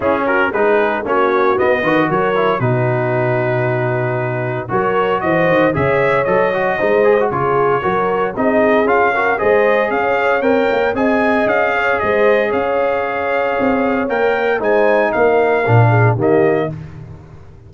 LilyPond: <<
  \new Staff \with { instrumentName = "trumpet" } { \time 4/4 \tempo 4 = 115 gis'8 ais'8 b'4 cis''4 dis''4 | cis''4 b'2.~ | b'4 cis''4 dis''4 e''4 | dis''2 cis''2 |
dis''4 f''4 dis''4 f''4 | g''4 gis''4 f''4 dis''4 | f''2. g''4 | gis''4 f''2 dis''4 | }
  \new Staff \with { instrumentName = "horn" } { \time 4/4 e'8 fis'8 gis'4 fis'4. b'8 | ais'4 fis'2.~ | fis'4 ais'4 c''4 cis''4~ | cis''4 c''4 gis'4 ais'4 |
gis'4. ais'8 c''4 cis''4~ | cis''4 dis''4. cis''8 c''4 | cis''1 | c''4 ais'4. gis'8 g'4 | }
  \new Staff \with { instrumentName = "trombone" } { \time 4/4 cis'4 dis'4 cis'4 b8 fis'8~ | fis'8 e'8 dis'2.~ | dis'4 fis'2 gis'4 | a'8 fis'8 dis'8 gis'16 fis'16 f'4 fis'4 |
dis'4 f'8 fis'8 gis'2 | ais'4 gis'2.~ | gis'2. ais'4 | dis'2 d'4 ais4 | }
  \new Staff \with { instrumentName = "tuba" } { \time 4/4 cis'4 gis4 ais4 b8 dis8 | fis4 b,2.~ | b,4 fis4 e8 dis8 cis4 | fis4 gis4 cis4 fis4 |
c'4 cis'4 gis4 cis'4 | c'8 ais8 c'4 cis'4 gis4 | cis'2 c'4 ais4 | gis4 ais4 ais,4 dis4 | }
>>